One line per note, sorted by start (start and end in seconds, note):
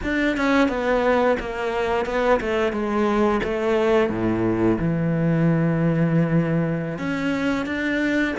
0.03 0.36 D4
0.36 0.68 C#4
0.68 1.36 B3
1.39 2.05 A#3
2.05 2.40 B3
2.40 2.72 A3
2.72 3.40 G#3
3.43 4.09 A3
4.09 4.78 A2
4.79 6.98 E3
6.98 7.66 C#4
7.66 8.34 D4